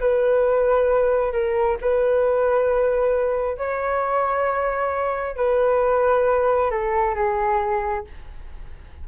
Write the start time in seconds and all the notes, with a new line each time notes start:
0.00 B4
1.32 A#4
1.81 B4
3.57 C#5
5.36 B4
6.70 A4
7.14 G#4